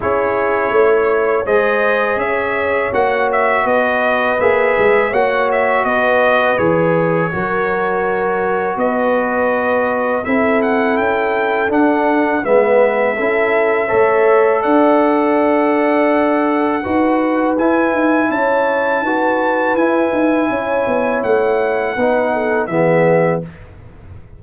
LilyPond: <<
  \new Staff \with { instrumentName = "trumpet" } { \time 4/4 \tempo 4 = 82 cis''2 dis''4 e''4 | fis''8 e''8 dis''4 e''4 fis''8 e''8 | dis''4 cis''2. | dis''2 e''8 fis''8 g''4 |
fis''4 e''2. | fis''1 | gis''4 a''2 gis''4~ | gis''4 fis''2 e''4 | }
  \new Staff \with { instrumentName = "horn" } { \time 4/4 gis'4 cis''4 c''4 cis''4~ | cis''4 b'2 cis''4 | b'2 ais'2 | b'2 a'2~ |
a'4 b'4 a'4 cis''4 | d''2. b'4~ | b'4 cis''4 b'2 | cis''2 b'8 a'8 gis'4 | }
  \new Staff \with { instrumentName = "trombone" } { \time 4/4 e'2 gis'2 | fis'2 gis'4 fis'4~ | fis'4 gis'4 fis'2~ | fis'2 e'2 |
d'4 b4 e'4 a'4~ | a'2. fis'4 | e'2 fis'4 e'4~ | e'2 dis'4 b4 | }
  \new Staff \with { instrumentName = "tuba" } { \time 4/4 cis'4 a4 gis4 cis'4 | ais4 b4 ais8 gis8 ais4 | b4 e4 fis2 | b2 c'4 cis'4 |
d'4 gis4 cis'4 a4 | d'2. dis'4 | e'8 dis'8 cis'4 dis'4 e'8 dis'8 | cis'8 b8 a4 b4 e4 | }
>>